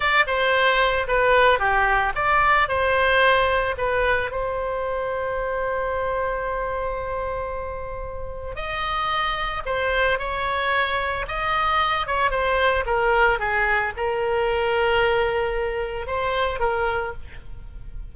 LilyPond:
\new Staff \with { instrumentName = "oboe" } { \time 4/4 \tempo 4 = 112 d''8 c''4. b'4 g'4 | d''4 c''2 b'4 | c''1~ | c''1 |
dis''2 c''4 cis''4~ | cis''4 dis''4. cis''8 c''4 | ais'4 gis'4 ais'2~ | ais'2 c''4 ais'4 | }